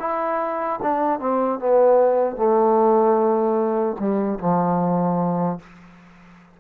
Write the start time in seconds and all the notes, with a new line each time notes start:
0.00 E4
0.82 D4
1.20 C4
1.60 B3
2.37 A3
3.99 G3
4.40 F3